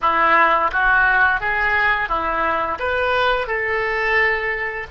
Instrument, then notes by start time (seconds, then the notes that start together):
oboe
0.01 E4
0.72 F#4
1.40 G#4
2.08 E4
2.79 B4
3.47 A4